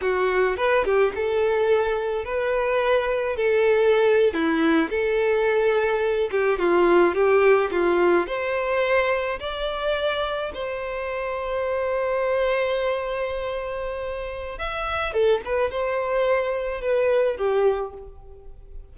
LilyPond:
\new Staff \with { instrumentName = "violin" } { \time 4/4 \tempo 4 = 107 fis'4 b'8 g'8 a'2 | b'2 a'4.~ a'16 e'16~ | e'8. a'2~ a'8 g'8 f'16~ | f'8. g'4 f'4 c''4~ c''16~ |
c''8. d''2 c''4~ c''16~ | c''1~ | c''2 e''4 a'8 b'8 | c''2 b'4 g'4 | }